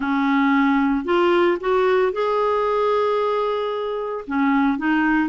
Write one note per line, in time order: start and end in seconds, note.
0.00 1.05 C#4
1.05 1.58 F4
1.60 2.12 F#4
2.12 4.25 G#4
4.27 4.77 C#4
4.77 5.29 D#4